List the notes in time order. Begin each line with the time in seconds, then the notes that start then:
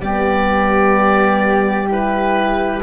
0.00 G3 B3 G4 D5
1.89 E4 B4